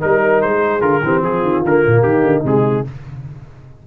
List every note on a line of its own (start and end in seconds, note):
0.00 0.43 G3
0.00 0.81 D#4
0.00 0.51 A#4
0.00 0.41 A#4
0.41 0.81 G#3
0.41 0.81 C5
0.53 1.04 G#4
0.81 1.01 D3
0.81 1.01 F4
0.81 1.21 A#4
1.03 1.22 E3
1.03 1.64 C4
1.03 1.24 G4
1.22 1.42 F3
1.22 2.05 F4
1.22 1.64 G#4
1.43 1.63 D#3
1.64 1.84 D3
1.64 2.44 A#3
1.64 2.02 A#4
1.86 2.03 A#2
2.02 2.22 D#3
2.02 2.86 D#4
2.02 2.42 G4
2.22 2.42 D3
2.44 2.84 C3
2.44 2.84 G#3
2.44 2.87 G#4